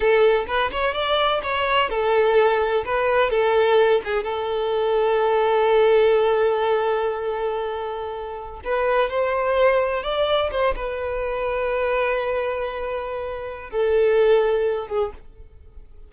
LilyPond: \new Staff \with { instrumentName = "violin" } { \time 4/4 \tempo 4 = 127 a'4 b'8 cis''8 d''4 cis''4 | a'2 b'4 a'4~ | a'8 gis'8 a'2.~ | a'1~ |
a'2~ a'16 b'4 c''8.~ | c''4~ c''16 d''4 c''8 b'4~ b'16~ | b'1~ | b'4 a'2~ a'8 gis'8 | }